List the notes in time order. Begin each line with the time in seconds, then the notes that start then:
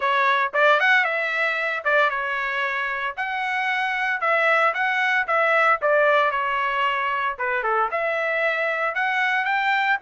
0.00 C#5
0.53 D5
0.80 F#5
1.04 E5
1.84 D5
2.10 C#5
3.17 F#5
4.20 E5
4.74 F#5
5.27 E5
5.81 D5
6.31 C#5
7.38 B4
7.63 A4
7.91 E5
8.94 F#5
9.44 G5